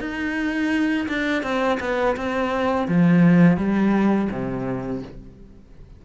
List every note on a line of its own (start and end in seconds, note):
0.00 1.07 D#4
1.08 1.43 D4
1.43 1.79 C4
1.80 2.16 B3
2.17 2.88 C4
2.88 3.57 F3
3.57 4.29 G3
4.31 5.03 C3